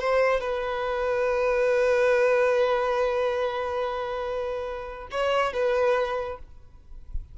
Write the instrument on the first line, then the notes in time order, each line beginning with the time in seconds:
violin
0.00 C5
0.40 B4
5.11 C#5
5.53 B4